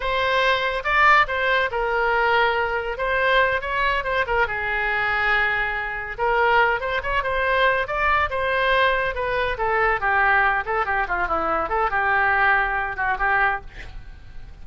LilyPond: \new Staff \with { instrumentName = "oboe" } { \time 4/4 \tempo 4 = 141 c''2 d''4 c''4 | ais'2. c''4~ | c''8 cis''4 c''8 ais'8 gis'4.~ | gis'2~ gis'8 ais'4. |
c''8 cis''8 c''4. d''4 c''8~ | c''4. b'4 a'4 g'8~ | g'4 a'8 g'8 f'8 e'4 a'8 | g'2~ g'8 fis'8 g'4 | }